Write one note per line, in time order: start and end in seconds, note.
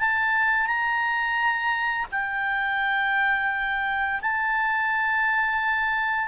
0.00 0.67 A5
0.67 2.06 A#5
2.12 4.21 G5
4.21 6.29 A5